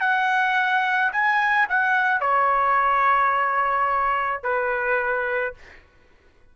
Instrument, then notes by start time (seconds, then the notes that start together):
trumpet
0.00 F#5
1.12 G#5
1.69 F#5
2.20 C#5
4.42 B4